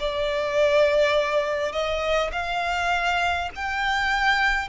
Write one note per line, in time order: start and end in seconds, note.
0.00 1.72 D5
1.72 2.30 D#5
2.32 3.50 F5
3.56 4.68 G5